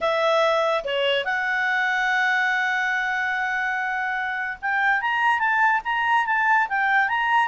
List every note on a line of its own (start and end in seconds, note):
0.00 0.84 E5
0.84 1.24 C#5
1.24 4.58 F#5
4.61 5.01 G5
5.01 5.39 A#5
5.39 5.80 A5
5.84 6.26 A#5
6.26 6.67 A5
6.68 7.08 G5
7.08 7.48 A#5